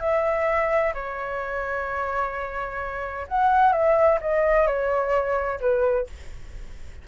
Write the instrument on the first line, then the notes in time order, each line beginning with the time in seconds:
flute
0.00 E5
0.94 C#5
3.28 F#5
3.73 E5
4.21 D#5
4.67 C#5
5.60 B4